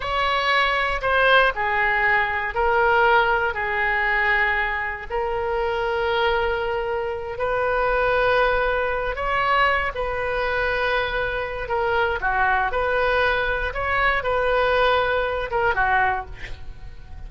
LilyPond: \new Staff \with { instrumentName = "oboe" } { \time 4/4 \tempo 4 = 118 cis''2 c''4 gis'4~ | gis'4 ais'2 gis'4~ | gis'2 ais'2~ | ais'2~ ais'8 b'4.~ |
b'2 cis''4. b'8~ | b'2. ais'4 | fis'4 b'2 cis''4 | b'2~ b'8 ais'8 fis'4 | }